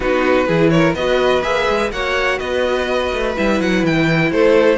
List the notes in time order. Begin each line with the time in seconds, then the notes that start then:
0.00 B3 D#4 F#4 B4
0.46 E3 E4 G#4
0.69 A#4 C#5
0.94 B3 F#4 B4 D#5
1.42 A#3 G#4 E5
1.68 G#3
1.91 A#3 F#4 C#5 F#5
2.38 B3 B4 D#5
3.12 A3
3.36 G3 E4 E5
3.60 F#3 F#5
3.83 E3 G5
4.31 A3 A4 C5